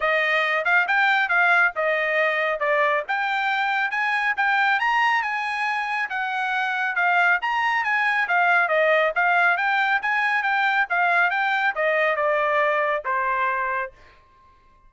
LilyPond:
\new Staff \with { instrumentName = "trumpet" } { \time 4/4 \tempo 4 = 138 dis''4. f''8 g''4 f''4 | dis''2 d''4 g''4~ | g''4 gis''4 g''4 ais''4 | gis''2 fis''2 |
f''4 ais''4 gis''4 f''4 | dis''4 f''4 g''4 gis''4 | g''4 f''4 g''4 dis''4 | d''2 c''2 | }